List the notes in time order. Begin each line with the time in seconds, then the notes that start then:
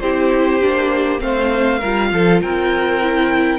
0.00 C4 E4 G4 C5
0.61 A#3 D4
1.19 A3 C4 C5 F5
1.79 G3 F4 A#4
2.12 F3 A4
2.42 C4 A#4 G5
3.02 E4